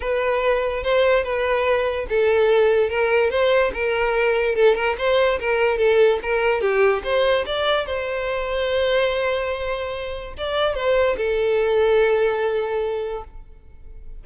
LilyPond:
\new Staff \with { instrumentName = "violin" } { \time 4/4 \tempo 4 = 145 b'2 c''4 b'4~ | b'4 a'2 ais'4 | c''4 ais'2 a'8 ais'8 | c''4 ais'4 a'4 ais'4 |
g'4 c''4 d''4 c''4~ | c''1~ | c''4 d''4 c''4 a'4~ | a'1 | }